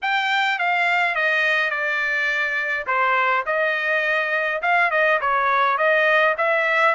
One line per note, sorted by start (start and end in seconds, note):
0.02 0.58 G5
0.58 1.15 F5
1.15 1.70 D#5
1.70 2.85 D5
2.86 3.44 C5
3.46 4.61 D#5
4.62 4.90 F5
4.90 5.19 D#5
5.21 5.77 C#5
5.77 6.35 D#5
6.37 6.94 E5